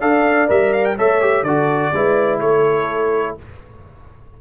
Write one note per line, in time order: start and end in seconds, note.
0.00 0.49 D4
0.00 0.48 A4
0.00 0.96 D5
0.00 0.48 F5
0.48 0.97 G3
0.48 0.96 A#4
0.48 0.73 E5
0.73 0.84 F5
0.84 0.96 G5
0.96 1.42 A3
0.96 1.21 A4
0.96 1.44 C#5
0.96 1.43 E5
1.21 1.45 G4
1.42 1.90 D3
1.42 1.94 F#4
1.42 1.92 A4
1.42 2.39 D5
1.93 2.40 G#3
1.93 3.38 E4
1.93 2.42 B4
2.40 3.36 A3
2.40 3.41 A4
2.40 3.36 C#5